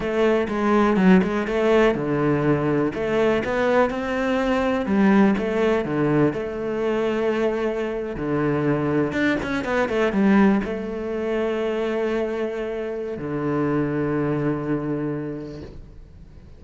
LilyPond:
\new Staff \with { instrumentName = "cello" } { \time 4/4 \tempo 4 = 123 a4 gis4 fis8 gis8 a4 | d2 a4 b4 | c'2 g4 a4 | d4 a2.~ |
a8. d2 d'8 cis'8 b16~ | b16 a8 g4 a2~ a16~ | a2. d4~ | d1 | }